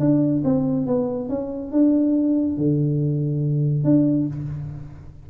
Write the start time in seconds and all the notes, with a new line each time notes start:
0.00 D4
0.45 C4
0.87 B3
1.29 C#4
1.72 D4
2.58 D3
3.85 D4